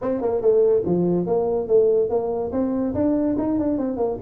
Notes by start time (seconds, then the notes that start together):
0.01 C4
0.21 A#3
0.41 A3
0.85 F3
1.26 A#3
1.67 A3
2.09 A#3
2.52 C4
2.94 D4
3.38 D#4
3.59 D4
3.77 C4
3.96 A#3